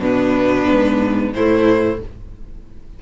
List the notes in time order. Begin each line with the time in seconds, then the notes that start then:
0.00 B2 B3 D4 B4
0.71 G#2
1.34 A2 A3 E4 C5